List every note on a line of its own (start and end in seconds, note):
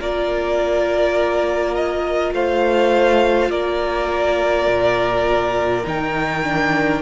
0.00 2.33 A#3
0.00 5.84 F4
0.00 2.34 A#4
0.00 1.75 D5
1.75 2.34 D#5
2.33 3.50 A3
2.33 3.51 C5
2.33 3.51 F5
3.50 4.67 A#3
3.50 7.02 A#4
3.50 5.86 D5
4.67 5.85 A#2
5.84 7.02 D#3
5.84 6.43 D#4
5.84 7.02 G5
6.44 7.02 D4